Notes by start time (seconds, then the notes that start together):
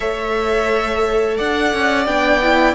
0.00 A3 A4 C#5 E5
1.37 D4 D5 F#5
1.73 C#4
2.06 B3 D4 G5
2.42 E4